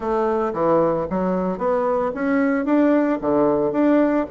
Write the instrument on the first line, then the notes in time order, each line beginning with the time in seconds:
bassoon
0.00 A3
0.53 E3
1.10 F#3
1.58 B3
2.14 C#4
2.65 D4
3.21 D3
3.72 D4